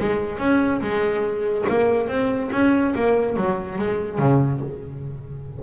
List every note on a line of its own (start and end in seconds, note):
0.00 0.39 G#3
0.39 0.81 C#4
0.82 1.66 G#3
1.69 2.08 A#3
2.08 2.51 C4
2.52 2.94 C#4
2.96 3.37 A#3
3.37 3.79 F#3
3.79 4.19 G#3
4.19 4.61 C#3